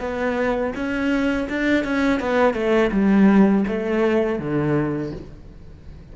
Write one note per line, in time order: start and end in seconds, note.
0.00 0.73 B3
0.75 1.48 C#4
1.49 1.84 D4
1.84 2.20 C#4
2.20 2.54 B3
2.54 2.90 A3
2.92 3.65 G3
3.68 4.39 A3
4.39 5.12 D3